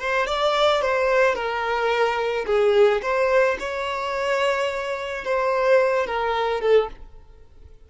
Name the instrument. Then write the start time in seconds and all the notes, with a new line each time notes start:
violin
0.00 C5
0.27 D5
0.82 C5
1.35 A#4
2.46 G#4
3.03 C5
3.60 C#5
5.25 C5
6.07 A#4
6.61 A4